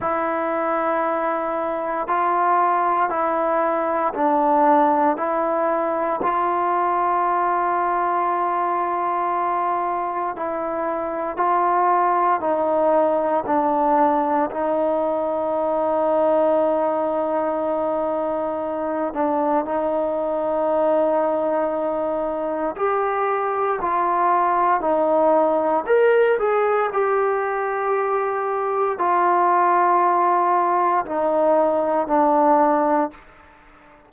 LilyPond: \new Staff \with { instrumentName = "trombone" } { \time 4/4 \tempo 4 = 58 e'2 f'4 e'4 | d'4 e'4 f'2~ | f'2 e'4 f'4 | dis'4 d'4 dis'2~ |
dis'2~ dis'8 d'8 dis'4~ | dis'2 g'4 f'4 | dis'4 ais'8 gis'8 g'2 | f'2 dis'4 d'4 | }